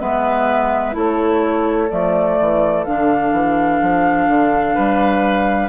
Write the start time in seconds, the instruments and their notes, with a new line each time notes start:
0.00 bassoon G#3, clarinet B3, oboe B4, flute E5
0.92 bassoon A3, clarinet E4, oboe A4, flute C#5
1.90 bassoon F3, clarinet A3, flute D5
2.40 bassoon E3
2.85 bassoon D3, clarinet D4, flute F5
3.33 bassoon E3
3.82 bassoon F3
4.28 bassoon D3
4.75 bassoon G3, oboe B4